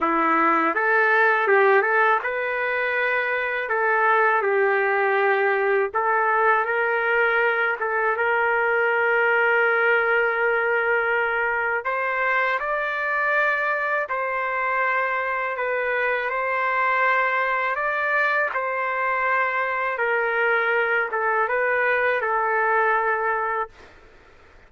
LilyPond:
\new Staff \with { instrumentName = "trumpet" } { \time 4/4 \tempo 4 = 81 e'4 a'4 g'8 a'8 b'4~ | b'4 a'4 g'2 | a'4 ais'4. a'8 ais'4~ | ais'1 |
c''4 d''2 c''4~ | c''4 b'4 c''2 | d''4 c''2 ais'4~ | ais'8 a'8 b'4 a'2 | }